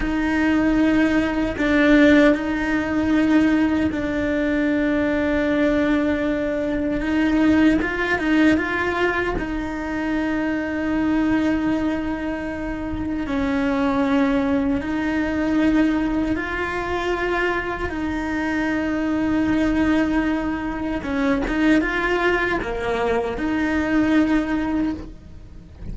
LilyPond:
\new Staff \with { instrumentName = "cello" } { \time 4/4 \tempo 4 = 77 dis'2 d'4 dis'4~ | dis'4 d'2.~ | d'4 dis'4 f'8 dis'8 f'4 | dis'1~ |
dis'4 cis'2 dis'4~ | dis'4 f'2 dis'4~ | dis'2. cis'8 dis'8 | f'4 ais4 dis'2 | }